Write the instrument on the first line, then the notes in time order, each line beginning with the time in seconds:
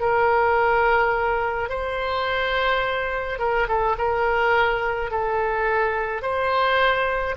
oboe
0.00 A#4
1.69 C5
3.39 A#4
3.68 A4
3.98 A#4
5.11 A4
6.22 C5